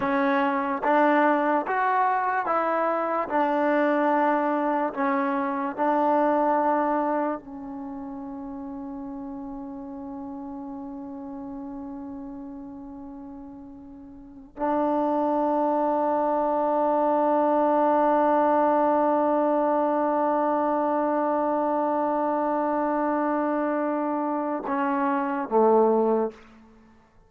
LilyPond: \new Staff \with { instrumentName = "trombone" } { \time 4/4 \tempo 4 = 73 cis'4 d'4 fis'4 e'4 | d'2 cis'4 d'4~ | d'4 cis'2.~ | cis'1~ |
cis'4.~ cis'16 d'2~ d'16~ | d'1~ | d'1~ | d'2 cis'4 a4 | }